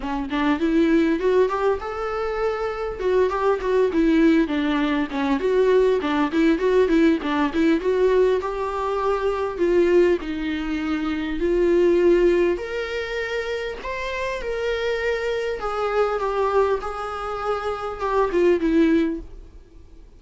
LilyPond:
\new Staff \with { instrumentName = "viola" } { \time 4/4 \tempo 4 = 100 cis'8 d'8 e'4 fis'8 g'8 a'4~ | a'4 fis'8 g'8 fis'8 e'4 d'8~ | d'8 cis'8 fis'4 d'8 e'8 fis'8 e'8 | d'8 e'8 fis'4 g'2 |
f'4 dis'2 f'4~ | f'4 ais'2 c''4 | ais'2 gis'4 g'4 | gis'2 g'8 f'8 e'4 | }